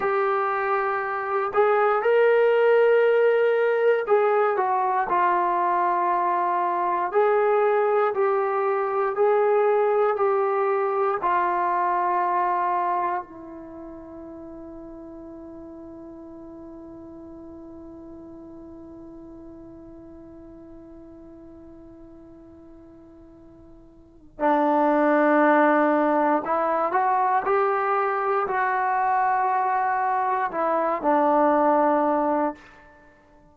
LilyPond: \new Staff \with { instrumentName = "trombone" } { \time 4/4 \tempo 4 = 59 g'4. gis'8 ais'2 | gis'8 fis'8 f'2 gis'4 | g'4 gis'4 g'4 f'4~ | f'4 e'2.~ |
e'1~ | e'1 | d'2 e'8 fis'8 g'4 | fis'2 e'8 d'4. | }